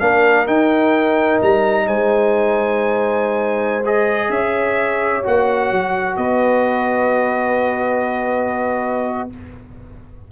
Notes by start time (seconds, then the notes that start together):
0.00 A#3 D4 A#4 F5
0.46 D#4 G5
1.42 G3 A#5
1.87 G#3 C5 G#5
3.85 G#4 D#5
4.29 C#4 C#5 E5
5.23 A#3 F#4 F#5
5.72 F#3
6.16 B3 B4 D#5